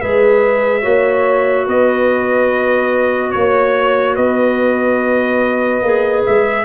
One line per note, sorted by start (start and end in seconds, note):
0.00 0.84 G#3
0.00 0.82 G#4
0.00 0.82 B4
0.00 1.67 E5
0.82 1.68 A#3
0.82 5.82 F#4
0.82 1.65 C#5
1.66 3.34 B3
1.66 3.33 B4
1.66 3.31 D#5
3.31 4.17 A#3
3.31 4.15 C#5
4.15 5.82 B3
4.15 6.65 B4
4.15 6.25 D#5
5.82 6.24 A#3
5.82 6.65 G#4
6.26 6.65 G#3
6.26 6.65 E5